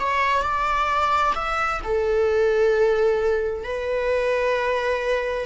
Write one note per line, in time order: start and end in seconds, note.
0.00 0.43 C#5
0.43 1.34 D5
1.35 1.81 E5
1.84 3.64 A4
3.64 5.46 B4